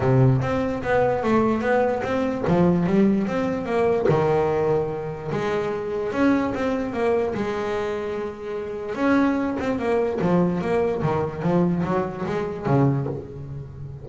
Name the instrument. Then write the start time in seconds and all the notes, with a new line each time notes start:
double bass
0.00 C3
0.41 C4
0.83 B3
1.23 A3
1.61 B3
2.03 C4
2.47 F3
2.86 G3
3.27 C4
3.65 A#3
4.08 D#3
5.31 G#3
6.12 C#4
6.54 C4
6.93 A#3
7.34 G#3
8.95 C#4
9.59 C4
9.78 A#3
10.21 F3
10.61 A#3
11.02 D#3
11.42 F3
11.84 F#3
12.25 G#3
12.65 C#3